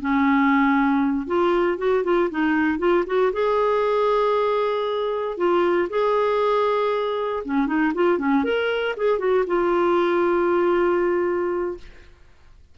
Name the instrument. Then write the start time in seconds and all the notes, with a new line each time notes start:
clarinet
0.00 C#4
1.26 F4
1.78 F#4
2.03 F4
2.30 D#4
2.79 F4
3.06 F#4
3.33 G#4
5.37 F4
5.89 G#4
7.45 C#4
7.66 D#4
7.94 F4
8.18 C#4
8.44 A#4
8.97 G#4
9.18 F#4
9.47 F4